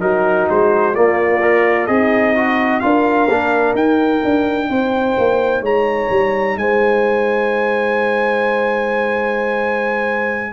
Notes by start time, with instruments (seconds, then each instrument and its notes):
0.00 tuba F#3, trombone D#4, horn F#4, trumpet A#4
0.50 tuba G#3, trumpet C5
0.94 trombone A#3, tuba A#3, horn F4, trumpet D5
1.41 trombone A#4
1.87 tuba C4, horn D#4, trombone G#4, trumpet D#5
2.35 trombone F#4
2.80 tuba D4, trombone F4, horn A#4, trumpet F5
3.27 tuba A#3, trombone D4
3.74 tuba D#4, trombone D#4, trumpet G5
4.24 tuba D4
4.69 tuba C4, horn C5
5.18 tuba A#3
5.61 tuba G#3, horn C#5, trumpet A#5
6.10 tuba G3
6.56 tuba G#3, horn C5, trumpet G#5